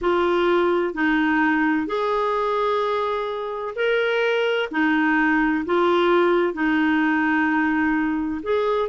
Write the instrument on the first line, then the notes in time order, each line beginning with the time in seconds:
clarinet
0.01 F4
0.94 D#4
1.87 G#4
3.75 A#4
4.71 D#4
5.65 F4
6.53 D#4
8.42 G#4